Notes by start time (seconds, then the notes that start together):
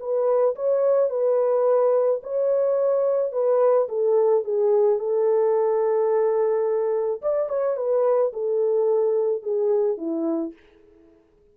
0.00 B4
0.56 C#5
1.10 B4
2.23 C#5
3.33 B4
3.89 A4
4.44 G#4
4.99 A4
7.22 D5
7.49 C#5
7.77 B4
8.34 A4
9.43 G#4
9.98 E4